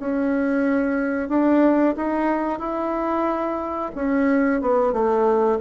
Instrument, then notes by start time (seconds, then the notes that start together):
bassoon
0.00 C#4
1.29 D4
1.97 D#4
2.59 E4
3.95 C#4
4.61 B3
4.93 A3